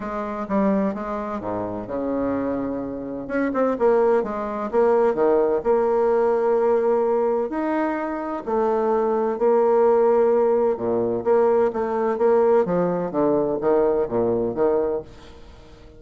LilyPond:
\new Staff \with { instrumentName = "bassoon" } { \time 4/4 \tempo 4 = 128 gis4 g4 gis4 gis,4 | cis2. cis'8 c'8 | ais4 gis4 ais4 dis4 | ais1 |
dis'2 a2 | ais2. ais,4 | ais4 a4 ais4 f4 | d4 dis4 ais,4 dis4 | }